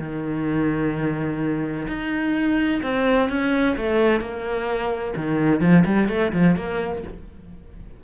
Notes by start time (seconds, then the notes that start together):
0.00 D#3
1.88 D#4
2.83 C4
3.30 C#4
3.77 A3
4.21 A#3
5.16 D#3
5.61 F3
5.86 G3
6.09 A3
6.33 F3
6.57 A#3